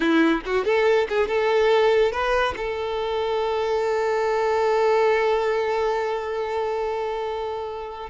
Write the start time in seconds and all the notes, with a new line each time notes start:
0.00 E4
0.45 F#4
0.65 A4
1.09 G#4
1.28 A4
2.12 B4
2.56 A4